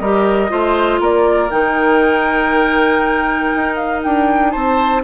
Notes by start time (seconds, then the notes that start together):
0.00 G3 G4 A#4 D#5
0.49 A3 F4 C5
1.00 A#3 A#4 D5
1.51 D#3 D#4 G5
3.55 D#4
3.76 F5
4.04 D4 G5
4.51 C4 C5 A5